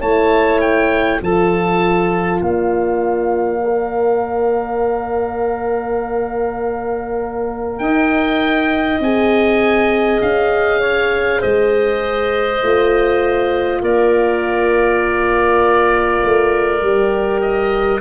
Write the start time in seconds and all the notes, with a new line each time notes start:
0.00 A3 E4 C#5 A5
0.61 G5
1.22 F3 F4 A4 A5
2.41 A#3 D5 F5
3.64 A#4
7.79 D#4 D#5 G5
9.00 C4 G#4 G#5
10.22 C#4 F5
10.80 C#5
11.39 G#3 C5 D#5
12.62 A3 F4
13.81 A#3 A#4 D5
16.24 A3
16.82 G3 G4
17.41 D#5